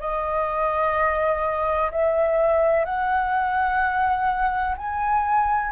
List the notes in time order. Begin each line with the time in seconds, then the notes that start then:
0.00 D#5
1.91 E5
2.85 F#5
4.77 G#5